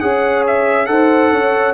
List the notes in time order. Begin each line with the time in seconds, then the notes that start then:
0.00 C#4 G#4 C#5 F#5
0.47 E5
0.86 D#4 A4 C5 F#5
1.32 C#4 C#5